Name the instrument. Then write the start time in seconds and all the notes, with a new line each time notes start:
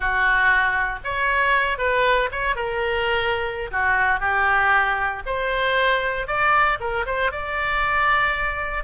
oboe
0.00 F#4
1.03 C#5
1.78 B4
2.31 C#5
2.55 A#4
3.71 F#4
4.20 G4
5.26 C5
6.27 D5
6.79 A#4
7.06 C5
7.31 D5